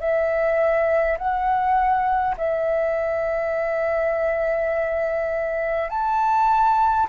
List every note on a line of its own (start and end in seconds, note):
0.00 1.18 E5
1.18 2.36 F#5
2.37 5.89 E5
5.89 7.07 A5